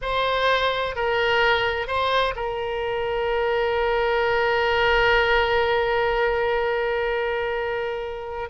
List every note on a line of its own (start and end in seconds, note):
0.01 0.95 C5
0.95 1.87 A#4
1.87 2.34 C5
2.35 8.49 A#4